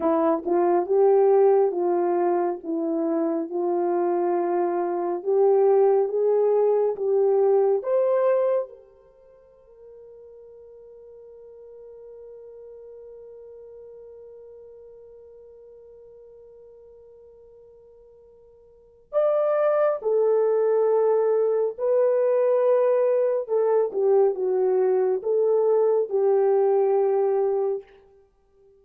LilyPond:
\new Staff \with { instrumentName = "horn" } { \time 4/4 \tempo 4 = 69 e'8 f'8 g'4 f'4 e'4 | f'2 g'4 gis'4 | g'4 c''4 ais'2~ | ais'1~ |
ais'1~ | ais'2 d''4 a'4~ | a'4 b'2 a'8 g'8 | fis'4 a'4 g'2 | }